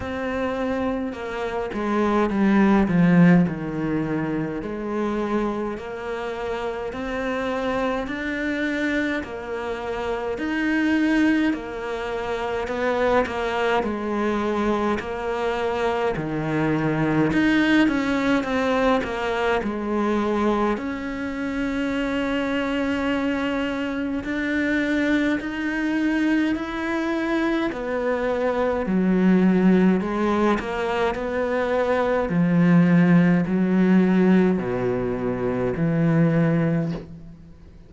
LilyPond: \new Staff \with { instrumentName = "cello" } { \time 4/4 \tempo 4 = 52 c'4 ais8 gis8 g8 f8 dis4 | gis4 ais4 c'4 d'4 | ais4 dis'4 ais4 b8 ais8 | gis4 ais4 dis4 dis'8 cis'8 |
c'8 ais8 gis4 cis'2~ | cis'4 d'4 dis'4 e'4 | b4 fis4 gis8 ais8 b4 | f4 fis4 b,4 e4 | }